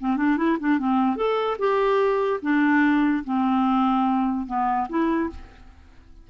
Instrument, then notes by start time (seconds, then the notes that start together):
clarinet
0.00 C4
0.17 D4
0.37 E4
0.60 D4
0.79 C4
1.16 A4
1.59 G4
2.42 D4
3.24 C4
4.47 B3
4.89 E4